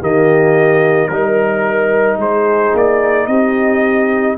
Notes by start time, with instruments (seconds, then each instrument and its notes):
0.00 tuba D#3, trombone A#3, horn G4, trumpet D#5
1.08 tuba G3, trombone D#4, trumpet A#4, horn A#4
2.17 tuba G#3, horn G#4, trumpet C5
2.74 tuba A#3, trumpet D5
3.27 tuba C4, horn G4, trumpet D#5